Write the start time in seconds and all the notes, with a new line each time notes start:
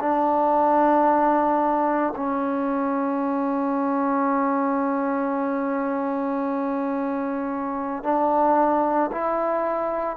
0.00 D4
2.16 C#4
8.04 D4
9.12 E4